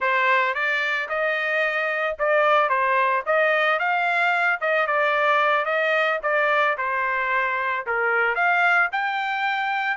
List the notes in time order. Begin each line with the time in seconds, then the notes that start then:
0.00 C5
0.54 D5
1.08 D#5
2.18 D5
2.69 C5
3.26 D#5
3.79 F5
4.60 D#5
4.86 D5
5.65 D#5
6.22 D5
6.77 C5
7.86 A#4
8.35 F5
8.92 G5